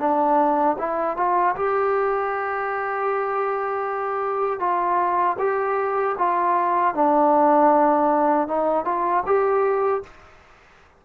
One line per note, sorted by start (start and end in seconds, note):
0.00 0.77 D4
0.79 1.17 E4
1.17 1.56 F4
1.56 4.60 G4
4.60 5.37 F4
5.39 6.16 G4
6.19 6.95 F4
6.95 8.48 D4
8.48 8.85 D#4
8.85 9.24 F4
9.27 10.03 G4